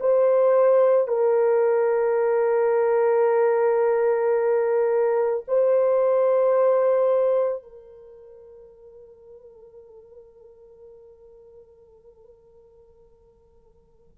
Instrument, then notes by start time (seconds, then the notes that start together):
horn
0.00 C5
1.08 A#4
5.47 C5
7.63 A#4